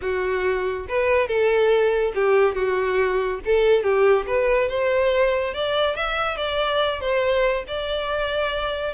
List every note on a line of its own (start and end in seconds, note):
0.01 0.86 F#4
0.88 1.27 B4
1.27 2.12 A4
2.15 2.54 G4
2.54 3.39 F#4
3.45 3.83 A4
3.83 4.26 G4
4.26 4.68 B4
4.68 5.53 C5
5.53 5.96 D5
5.96 6.36 E5
6.36 7.00 D5
7.00 7.64 C5
7.67 8.93 D5